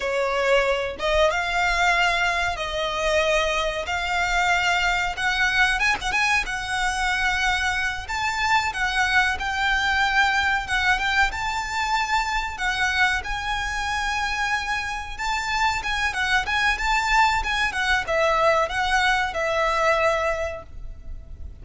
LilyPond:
\new Staff \with { instrumentName = "violin" } { \time 4/4 \tempo 4 = 93 cis''4. dis''8 f''2 | dis''2 f''2 | fis''4 gis''16 fis''16 gis''8 fis''2~ | fis''8 a''4 fis''4 g''4.~ |
g''8 fis''8 g''8 a''2 fis''8~ | fis''8 gis''2. a''8~ | a''8 gis''8 fis''8 gis''8 a''4 gis''8 fis''8 | e''4 fis''4 e''2 | }